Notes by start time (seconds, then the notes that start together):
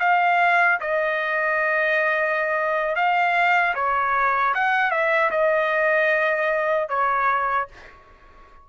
0.00 F5
0.81 D#5
2.96 F5
3.75 C#5
4.55 F#5
4.91 E5
5.31 D#5
6.89 C#5